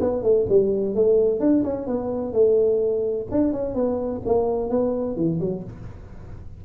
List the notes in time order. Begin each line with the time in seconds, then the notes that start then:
0.00 B3
0.23 A3
0.49 G3
0.95 A3
1.40 D4
1.64 C#4
1.87 B3
2.33 A3
3.31 D4
3.53 C#4
3.75 B3
4.26 A#3
4.70 B3
5.16 E3
5.40 F#3